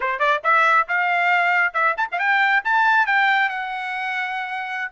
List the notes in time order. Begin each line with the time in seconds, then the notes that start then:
0.00 C5
0.19 D5
0.43 E5
0.88 F5
1.73 E5
1.97 A5
2.11 F5
2.19 G5
2.64 A5
3.06 G5
3.49 F#5